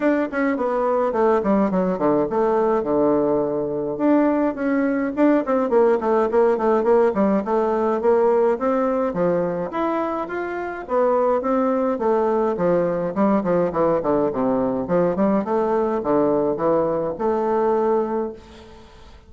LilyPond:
\new Staff \with { instrumentName = "bassoon" } { \time 4/4 \tempo 4 = 105 d'8 cis'8 b4 a8 g8 fis8 d8 | a4 d2 d'4 | cis'4 d'8 c'8 ais8 a8 ais8 a8 | ais8 g8 a4 ais4 c'4 |
f4 e'4 f'4 b4 | c'4 a4 f4 g8 f8 | e8 d8 c4 f8 g8 a4 | d4 e4 a2 | }